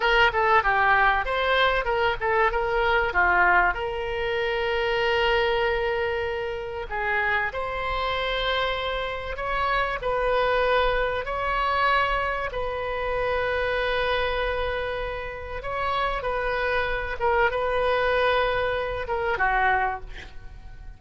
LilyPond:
\new Staff \with { instrumentName = "oboe" } { \time 4/4 \tempo 4 = 96 ais'8 a'8 g'4 c''4 ais'8 a'8 | ais'4 f'4 ais'2~ | ais'2. gis'4 | c''2. cis''4 |
b'2 cis''2 | b'1~ | b'4 cis''4 b'4. ais'8 | b'2~ b'8 ais'8 fis'4 | }